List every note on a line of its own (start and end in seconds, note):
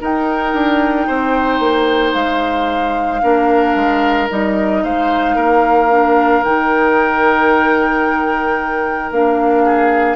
0.00 3.21 D#4
0.00 0.53 D#4
0.00 1.06 A#4
0.00 2.13 G5
0.53 1.07 D4
1.06 1.59 C4
1.06 3.21 C5
1.59 2.12 A#3
2.13 3.21 G#3
2.13 4.27 F5
3.21 3.75 A#3
3.21 4.28 D4
3.21 4.83 A#4
3.75 4.28 G#3
4.29 4.83 G3
4.29 5.89 D#4
4.29 4.83 D#5
4.83 5.35 G#3
4.83 5.35 C5
4.83 6.43 F5
5.35 6.42 A#3
5.35 9.64 A#4
5.89 6.43 D4
6.43 9.10 D#3
6.43 9.12 D#4
6.43 9.11 G5
9.10 10.16 A#3
9.10 10.16 D4
9.10 10.16 F5
9.64 10.16 G#4